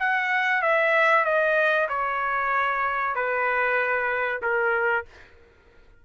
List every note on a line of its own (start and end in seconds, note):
0.00 0.63 F#5
0.63 1.25 E5
1.25 1.88 D#5
1.89 3.16 C#5
3.16 4.42 B4
4.42 5.06 A#4